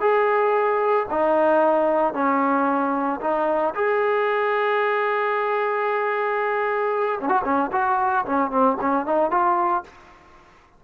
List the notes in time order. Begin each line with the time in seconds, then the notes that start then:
0.00 G#4
1.10 D#4
2.13 C#4
3.21 D#4
3.74 G#4
7.20 C#4
7.28 F#4
7.44 C#4
7.72 F#4
8.25 C#4
8.51 C4
8.81 C#4
9.06 D#4
9.30 F4